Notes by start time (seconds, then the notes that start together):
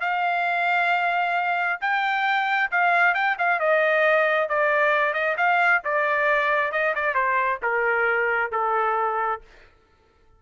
0.00 F5
1.81 G5
2.71 F5
3.14 G5
3.38 F5
3.59 D#5
4.48 D5
5.13 D#5
5.37 F5
5.84 D5
6.72 D#5
6.95 D5
7.14 C5
7.62 A#4
8.51 A4